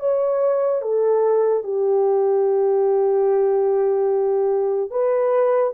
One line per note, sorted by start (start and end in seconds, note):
0.00 0.82 C#5
0.82 1.63 A4
1.63 4.91 G4
4.91 5.73 B4